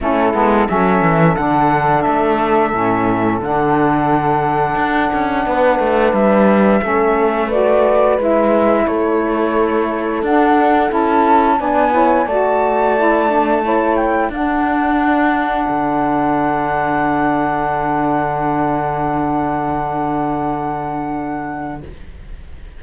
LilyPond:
<<
  \new Staff \with { instrumentName = "flute" } { \time 4/4 \tempo 4 = 88 a'4 e''4 fis''4 e''4~ | e''4 fis''2.~ | fis''4 e''2 d''4 | e''4 cis''2 fis''4 |
a''4 gis''4 a''2~ | a''8 g''8 fis''2.~ | fis''1~ | fis''1 | }
  \new Staff \with { instrumentName = "horn" } { \time 4/4 e'4 a'2.~ | a'1 | b'2 a'4 b'4~ | b'4 a'2.~ |
a'4 d''8 cis''8 d''2 | cis''4 a'2.~ | a'1~ | a'1 | }
  \new Staff \with { instrumentName = "saxophone" } { \time 4/4 cis'8 b8 cis'4 d'2 | cis'4 d'2.~ | d'2 cis'4 fis'4 | e'2. d'4 |
e'4 d'8 e'8 fis'4 e'8 d'8 | e'4 d'2.~ | d'1~ | d'1 | }
  \new Staff \with { instrumentName = "cello" } { \time 4/4 a8 gis8 fis8 e8 d4 a4 | a,4 d2 d'8 cis'8 | b8 a8 g4 a2 | gis4 a2 d'4 |
cis'4 b4 a2~ | a4 d'2 d4~ | d1~ | d1 | }
>>